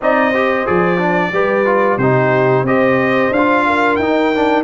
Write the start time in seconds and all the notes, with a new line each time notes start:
0.01 C4 D#4 D5 D#5
0.30 G4 C5
0.66 F3 G#4 D5
0.98 D4
1.32 G3 G4 B4
1.65 F4
1.97 C3 D#4 G4 C5
2.62 C4 G4 C5 D#5
3.31 D4 F5
3.37 F4
3.66 A#4
3.96 D#4 G5
4.35 D4